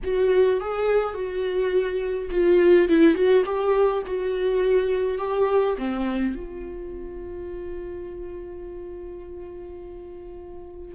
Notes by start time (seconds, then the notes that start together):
0.03 F#4
0.60 G#4
1.14 F#4
2.31 F4
2.88 E4
3.14 F#4
3.45 G4
4.06 F#4
5.18 G4
5.77 C4
6.35 F4